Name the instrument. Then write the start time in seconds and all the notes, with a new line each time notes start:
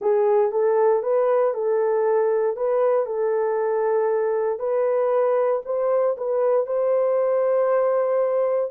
horn
0.01 G#4
0.51 A4
1.02 B4
1.54 A4
2.56 B4
3.06 A4
4.59 B4
5.65 C5
6.17 B4
6.66 C5